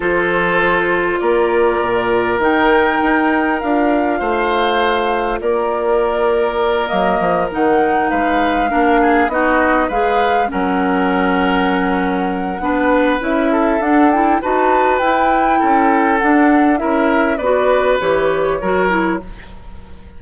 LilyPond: <<
  \new Staff \with { instrumentName = "flute" } { \time 4/4 \tempo 4 = 100 c''2 d''2 | g''2 f''2~ | f''4 d''2~ d''8 dis''8~ | dis''8 fis''4 f''2 dis''8~ |
dis''8 f''4 fis''2~ fis''8~ | fis''2 e''4 fis''8 g''8 | a''4 g''2 fis''4 | e''4 d''4 cis''2 | }
  \new Staff \with { instrumentName = "oboe" } { \time 4/4 a'2 ais'2~ | ais'2. c''4~ | c''4 ais'2.~ | ais'4. b'4 ais'8 gis'8 fis'8~ |
fis'8 b'4 ais'2~ ais'8~ | ais'4 b'4. a'4. | b'2 a'2 | ais'4 b'2 ais'4 | }
  \new Staff \with { instrumentName = "clarinet" } { \time 4/4 f'1 | dis'2 f'2~ | f'2.~ f'8 ais8~ | ais8 dis'2 d'4 dis'8~ |
dis'8 gis'4 cis'2~ cis'8~ | cis'4 d'4 e'4 d'8 e'8 | fis'4 e'2 d'4 | e'4 fis'4 g'4 fis'8 e'8 | }
  \new Staff \with { instrumentName = "bassoon" } { \time 4/4 f2 ais4 ais,4 | dis4 dis'4 d'4 a4~ | a4 ais2~ ais8 fis8 | f8 dis4 gis4 ais4 b8~ |
b8 gis4 fis2~ fis8~ | fis4 b4 cis'4 d'4 | dis'4 e'4 cis'4 d'4 | cis'4 b4 e4 fis4 | }
>>